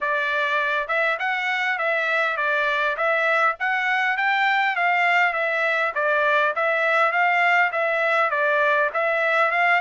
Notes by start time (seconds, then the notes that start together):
0.00 D5
0.87 E5
1.19 F#5
1.78 E5
2.37 D5
2.96 E5
3.59 F#5
4.17 G5
4.76 F5
5.33 E5
5.94 D5
6.55 E5
7.12 F5
7.71 E5
8.30 D5
8.93 E5
9.50 F5